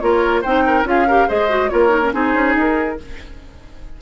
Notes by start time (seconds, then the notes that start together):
0.00 A#3 F4 A#4 C#5
0.42 C4 D#4 C5 G5
0.67 A#4
0.84 C#4 F4 G#4 F5
1.08 G4 A#4
1.28 G#3 G#4 C5 D#5
1.49 F#4
1.69 A#3 F4 A#4 C#5
1.89 D#4
2.03 C#4
2.13 C4 D#4 G#4 C5
2.35 C#4
2.56 D#4 A#4